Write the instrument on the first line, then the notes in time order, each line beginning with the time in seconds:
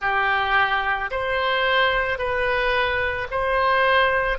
oboe
0.01 G4
1.10 C5
2.18 B4
3.30 C5